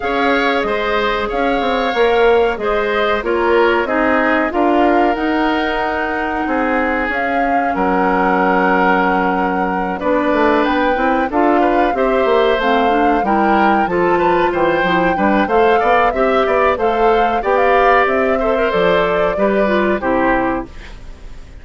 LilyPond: <<
  \new Staff \with { instrumentName = "flute" } { \time 4/4 \tempo 4 = 93 f''4 dis''4 f''2 | dis''4 cis''4 dis''4 f''4 | fis''2. f''4 | fis''2.~ fis''8 d''8~ |
d''8 g''4 f''4 e''4 f''8~ | f''8 g''4 a''4 g''4. | f''4 e''4 f''4 g''16 f''8. | e''4 d''2 c''4 | }
  \new Staff \with { instrumentName = "oboe" } { \time 4/4 cis''4 c''4 cis''2 | c''4 ais'4 gis'4 ais'4~ | ais'2 gis'2 | ais'2.~ ais'8 b'8~ |
b'4. a'8 b'8 c''4.~ | c''8 ais'4 a'8 b'8 c''4 b'8 | c''8 d''8 e''8 d''8 c''4 d''4~ | d''8 c''4. b'4 g'4 | }
  \new Staff \with { instrumentName = "clarinet" } { \time 4/4 gis'2. ais'4 | gis'4 f'4 dis'4 f'4 | dis'2. cis'4~ | cis'2.~ cis'8 d'8~ |
d'4 e'8 f'4 g'4 c'8 | d'8 e'4 f'4. e'8 d'8 | a'4 g'4 a'4 g'4~ | g'8 a'16 ais'16 a'4 g'8 f'8 e'4 | }
  \new Staff \with { instrumentName = "bassoon" } { \time 4/4 cis'4 gis4 cis'8 c'8 ais4 | gis4 ais4 c'4 d'4 | dis'2 c'4 cis'4 | fis2.~ fis8 b8 |
a8 b8 c'8 d'4 c'8 ais8 a8~ | a8 g4 f4 e8 f8 g8 | a8 b8 c'8 b8 a4 b4 | c'4 f4 g4 c4 | }
>>